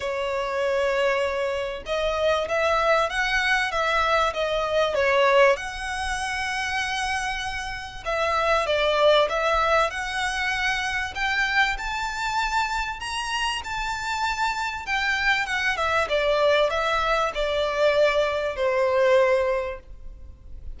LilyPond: \new Staff \with { instrumentName = "violin" } { \time 4/4 \tempo 4 = 97 cis''2. dis''4 | e''4 fis''4 e''4 dis''4 | cis''4 fis''2.~ | fis''4 e''4 d''4 e''4 |
fis''2 g''4 a''4~ | a''4 ais''4 a''2 | g''4 fis''8 e''8 d''4 e''4 | d''2 c''2 | }